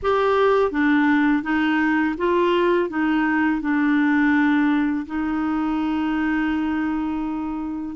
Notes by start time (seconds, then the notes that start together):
0.02 G4
0.71 D4
1.43 D#4
2.17 F4
2.89 D#4
3.61 D4
5.06 D#4